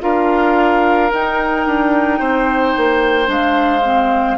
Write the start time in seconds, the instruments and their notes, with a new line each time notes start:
0.00 bassoon D4, clarinet F4, oboe A#4, flute F5
1.12 bassoon D#4, clarinet D#4, flute G5
1.65 bassoon D4
2.19 bassoon C4, oboe C5
2.76 bassoon A#3
3.25 bassoon G#3, clarinet D4, flute F5
3.84 clarinet C4